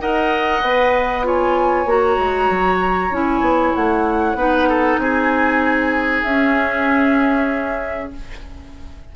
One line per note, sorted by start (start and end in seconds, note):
0.00 0.62 D#4
0.00 0.62 A#4
0.00 1.26 D#5
0.00 1.26 F#5
0.62 1.85 B3
0.62 1.24 B4
1.24 1.86 F4
1.24 4.37 C#5
1.24 1.89 G#5
1.85 2.16 A#3
1.85 3.12 F#4
1.85 3.14 A#5
2.18 2.50 G#3
2.50 3.11 F#3
3.11 3.41 C#4
3.11 4.37 E4
3.11 3.75 G#5
3.41 3.72 B3
3.75 4.34 A3
3.75 4.99 F#5
4.34 4.97 B3
4.34 6.24 D#4
4.34 4.68 B4
4.69 5.00 A4
4.98 6.23 C4
4.98 8.13 G#4
4.98 6.23 G#5
6.23 8.12 C#4
6.23 8.15 C#4
6.23 8.10 E5